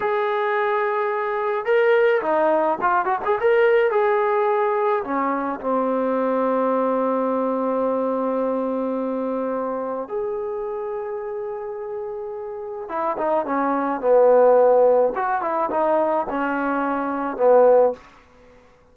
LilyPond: \new Staff \with { instrumentName = "trombone" } { \time 4/4 \tempo 4 = 107 gis'2. ais'4 | dis'4 f'8 fis'16 gis'16 ais'4 gis'4~ | gis'4 cis'4 c'2~ | c'1~ |
c'2 gis'2~ | gis'2. e'8 dis'8 | cis'4 b2 fis'8 e'8 | dis'4 cis'2 b4 | }